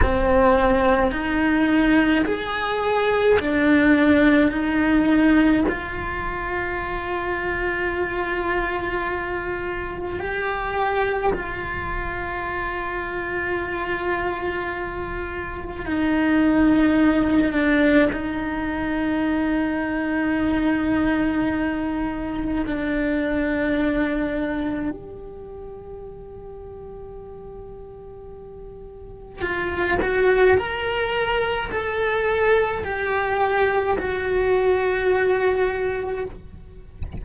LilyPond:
\new Staff \with { instrumentName = "cello" } { \time 4/4 \tempo 4 = 53 c'4 dis'4 gis'4 d'4 | dis'4 f'2.~ | f'4 g'4 f'2~ | f'2 dis'4. d'8 |
dis'1 | d'2 g'2~ | g'2 f'8 fis'8 ais'4 | a'4 g'4 fis'2 | }